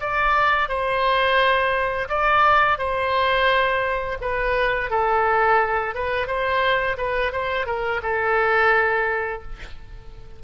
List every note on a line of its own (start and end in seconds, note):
0.00 0.68 D5
0.68 2.08 C5
2.08 2.78 D5
2.78 4.18 C5
4.21 4.90 B4
4.90 5.94 A4
5.94 6.27 B4
6.27 6.96 C5
6.97 7.32 B4
7.32 7.66 C5
7.66 8.01 A#4
8.03 9.42 A4